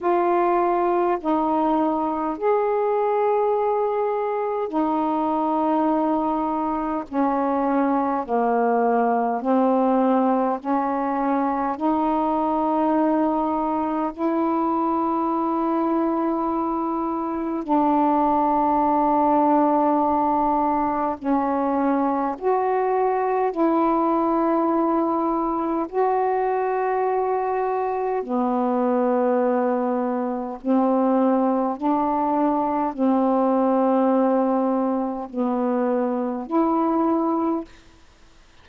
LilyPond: \new Staff \with { instrumentName = "saxophone" } { \time 4/4 \tempo 4 = 51 f'4 dis'4 gis'2 | dis'2 cis'4 ais4 | c'4 cis'4 dis'2 | e'2. d'4~ |
d'2 cis'4 fis'4 | e'2 fis'2 | b2 c'4 d'4 | c'2 b4 e'4 | }